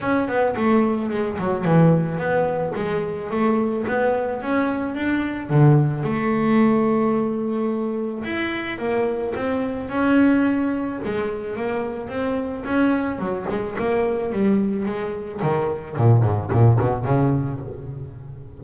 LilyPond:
\new Staff \with { instrumentName = "double bass" } { \time 4/4 \tempo 4 = 109 cis'8 b8 a4 gis8 fis8 e4 | b4 gis4 a4 b4 | cis'4 d'4 d4 a4~ | a2. e'4 |
ais4 c'4 cis'2 | gis4 ais4 c'4 cis'4 | fis8 gis8 ais4 g4 gis4 | dis4 ais,8 gis,8 ais,8 b,8 cis4 | }